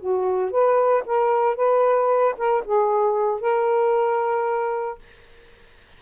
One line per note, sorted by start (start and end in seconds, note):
0.00 0.51 F#4
0.51 1.04 B4
1.06 1.56 A#4
1.56 2.35 B4
2.38 2.64 A#4
2.65 3.41 G#4
3.41 4.99 A#4